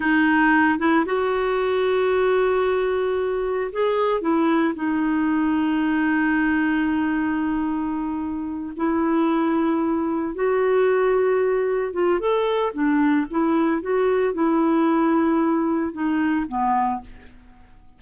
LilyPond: \new Staff \with { instrumentName = "clarinet" } { \time 4/4 \tempo 4 = 113 dis'4. e'8 fis'2~ | fis'2. gis'4 | e'4 dis'2.~ | dis'1~ |
dis'8 e'2. fis'8~ | fis'2~ fis'8 f'8 a'4 | d'4 e'4 fis'4 e'4~ | e'2 dis'4 b4 | }